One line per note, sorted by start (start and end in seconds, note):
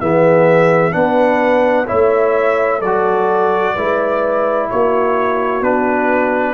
0.00 0.94 E3
0.00 0.91 B3
0.00 0.94 G#4
0.00 0.93 E5
0.91 1.88 B3
0.91 1.85 D4
0.91 1.87 B4
0.91 1.86 F#5
1.87 2.81 A3
1.87 2.81 E4
1.87 2.79 C#5
1.87 2.81 E5
2.79 3.75 F#3
2.79 3.73 A4
2.79 4.68 D5
2.86 3.77 F#4
3.74 4.70 G#3
3.74 5.62 E4
3.74 4.68 B4
4.70 5.60 A#3
4.70 6.54 F#4
4.70 5.63 C#5
5.60 6.54 B3
5.60 6.54 D4
5.60 6.54 B4